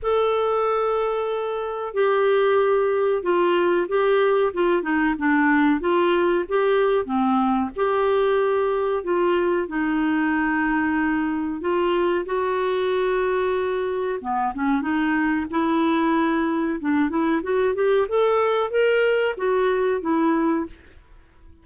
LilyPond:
\new Staff \with { instrumentName = "clarinet" } { \time 4/4 \tempo 4 = 93 a'2. g'4~ | g'4 f'4 g'4 f'8 dis'8 | d'4 f'4 g'4 c'4 | g'2 f'4 dis'4~ |
dis'2 f'4 fis'4~ | fis'2 b8 cis'8 dis'4 | e'2 d'8 e'8 fis'8 g'8 | a'4 ais'4 fis'4 e'4 | }